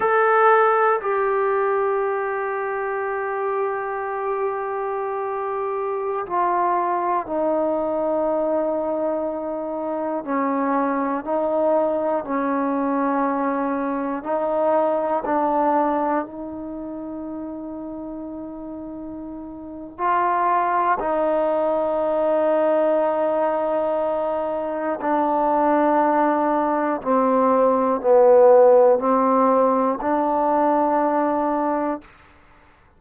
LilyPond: \new Staff \with { instrumentName = "trombone" } { \time 4/4 \tempo 4 = 60 a'4 g'2.~ | g'2~ g'16 f'4 dis'8.~ | dis'2~ dis'16 cis'4 dis'8.~ | dis'16 cis'2 dis'4 d'8.~ |
d'16 dis'2.~ dis'8. | f'4 dis'2.~ | dis'4 d'2 c'4 | b4 c'4 d'2 | }